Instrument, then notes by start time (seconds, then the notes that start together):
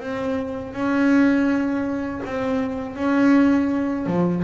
double bass
0.00 C4
0.73 C#4
2.26 C4
2.96 C#4
4.06 F3